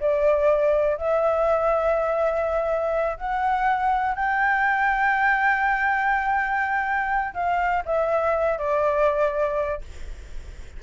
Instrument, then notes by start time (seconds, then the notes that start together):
flute
0.00 D5
0.97 E5
3.17 F#5
4.15 G5
7.34 F5
7.85 E5
8.58 D5